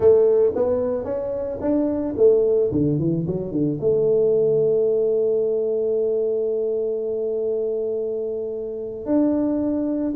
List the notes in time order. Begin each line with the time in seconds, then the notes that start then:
0.00 A3
0.55 B3
1.04 C#4
1.60 D4
2.16 A3
2.71 D3
2.99 E3
3.26 F#3
3.51 D3
3.80 A3
9.05 D4